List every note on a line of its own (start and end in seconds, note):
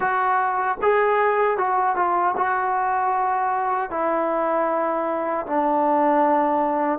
0.00 0.77 F#4
0.82 1.57 G#4
1.57 1.96 F#4
1.96 2.34 F4
2.36 3.90 F#4
3.90 5.46 E4
5.46 6.99 D4